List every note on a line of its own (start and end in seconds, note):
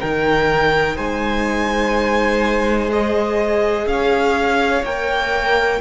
0.00 0.97 D#3
0.00 2.89 D#4
0.00 0.96 A#4
0.00 0.97 G5
0.96 3.86 G#3
0.96 3.86 C5
0.96 2.91 G#5
2.89 4.82 G#4
2.89 3.88 D#5
3.86 4.83 C#4
3.86 5.81 C#5
3.86 4.84 F5
4.83 5.80 A#3
4.83 5.81 A#4
4.83 5.81 G5